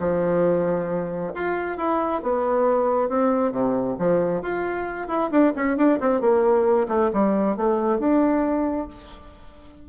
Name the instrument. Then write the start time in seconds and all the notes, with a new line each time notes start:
bassoon
0.00 F3
1.35 F4
1.78 E4
2.23 B3
3.09 C4
3.52 C3
3.99 F3
4.42 F4
5.08 E4
5.31 D4
5.56 C#4
5.77 D4
6.00 C4
6.21 A#3
6.89 A3
7.14 G3
7.57 A3
7.99 D4